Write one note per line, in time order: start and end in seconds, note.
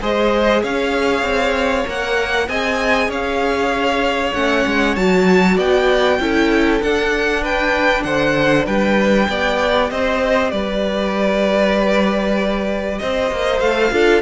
0.00 0.63 G#3
0.00 1.85 G#4
0.00 0.62 C5
0.00 0.64 D#5
0.62 1.22 C#4
0.62 2.48 C#5
0.62 1.87 F5
1.22 1.84 C4
1.85 2.48 A#3
1.85 2.47 A#4
1.85 2.49 F#5
2.48 3.08 C4
2.48 4.35 G#4
2.48 3.09 D#5
2.48 3.11 G#5
3.08 4.32 C#4
3.08 5.55 C#5
3.08 4.33 F5
4.33 4.65 A3
4.33 4.96 C#4
4.33 4.95 F#5
4.66 4.97 G#3
4.95 5.57 F#3
4.95 6.20 F#4
4.95 5.57 A5
5.55 6.19 B3
5.55 6.17 D5
5.55 6.82 G5
6.19 6.81 C#4
6.19 6.82 E4
6.19 7.42 A4
6.82 8.05 D4
6.82 9.28 D4
6.82 7.44 F#5
7.42 8.04 B4
7.42 8.03 G5
8.03 8.66 D3
8.03 8.66 C5
8.03 8.65 F#5
8.66 9.28 G3
8.66 9.28 B4
8.66 9.90 G5
9.28 9.90 B3
9.28 13.61 G4
9.28 9.91 D5
9.90 10.52 C4
9.90 10.52 C5
9.90 10.51 D#5
10.51 13.00 G3
10.51 13.00 B4
10.51 12.98 D5
12.98 13.31 C4
12.98 13.93 C5
12.98 13.60 D#5
13.31 13.60 A#3
13.60 13.91 A3
13.60 13.91 A4
13.60 14.22 F5
13.91 14.22 D4
13.91 14.22 F4
13.91 14.22 A4